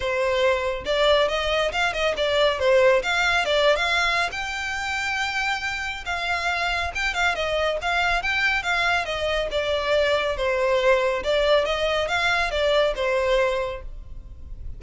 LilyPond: \new Staff \with { instrumentName = "violin" } { \time 4/4 \tempo 4 = 139 c''2 d''4 dis''4 | f''8 dis''8 d''4 c''4 f''4 | d''8. f''4~ f''16 g''2~ | g''2 f''2 |
g''8 f''8 dis''4 f''4 g''4 | f''4 dis''4 d''2 | c''2 d''4 dis''4 | f''4 d''4 c''2 | }